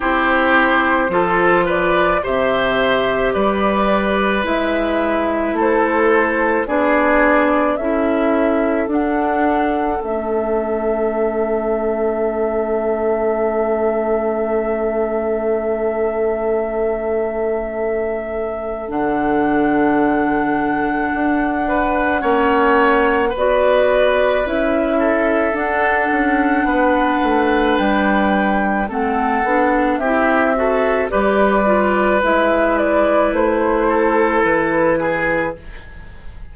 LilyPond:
<<
  \new Staff \with { instrumentName = "flute" } { \time 4/4 \tempo 4 = 54 c''4. d''8 e''4 d''4 | e''4 c''4 d''4 e''4 | fis''4 e''2.~ | e''1~ |
e''4 fis''2.~ | fis''4 d''4 e''4 fis''4~ | fis''4 g''4 fis''4 e''4 | d''4 e''8 d''8 c''4 b'4 | }
  \new Staff \with { instrumentName = "oboe" } { \time 4/4 g'4 a'8 b'8 c''4 b'4~ | b'4 a'4 gis'4 a'4~ | a'1~ | a'1~ |
a'2.~ a'8 b'8 | cis''4 b'4. a'4. | b'2 a'4 g'8 a'8 | b'2~ b'8 a'4 gis'8 | }
  \new Staff \with { instrumentName = "clarinet" } { \time 4/4 e'4 f'4 g'2 | e'2 d'4 e'4 | d'4 cis'2.~ | cis'1~ |
cis'4 d'2. | cis'4 fis'4 e'4 d'4~ | d'2 c'8 d'8 e'8 fis'8 | g'8 f'8 e'2. | }
  \new Staff \with { instrumentName = "bassoon" } { \time 4/4 c'4 f4 c4 g4 | gis4 a4 b4 cis'4 | d'4 a2.~ | a1~ |
a4 d2 d'4 | ais4 b4 cis'4 d'8 cis'8 | b8 a8 g4 a8 b8 c'4 | g4 gis4 a4 e4 | }
>>